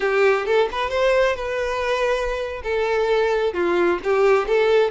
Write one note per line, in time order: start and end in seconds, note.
0.00 0.45 G4
0.45 0.68 A4
0.71 0.90 B4
0.90 1.36 C5
1.36 2.61 B4
2.63 3.53 A4
3.53 3.99 F4
4.03 4.47 G4
4.47 4.90 A4